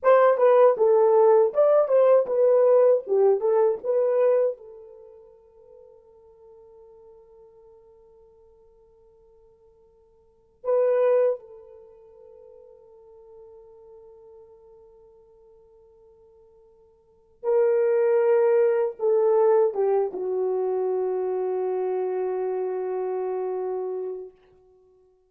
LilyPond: \new Staff \with { instrumentName = "horn" } { \time 4/4 \tempo 4 = 79 c''8 b'8 a'4 d''8 c''8 b'4 | g'8 a'8 b'4 a'2~ | a'1~ | a'2 b'4 a'4~ |
a'1~ | a'2. ais'4~ | ais'4 a'4 g'8 fis'4.~ | fis'1 | }